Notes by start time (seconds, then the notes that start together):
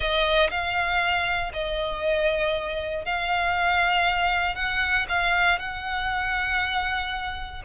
0.00 D#5
0.50 F5
1.53 D#5
3.05 F5
4.55 F#5
5.08 F5
5.58 F#5